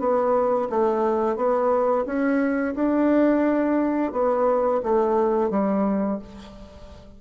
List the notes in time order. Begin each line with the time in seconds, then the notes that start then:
0.00 B3
0.70 A3
1.36 B3
2.06 C#4
2.76 D4
4.13 B3
4.83 A3
5.50 G3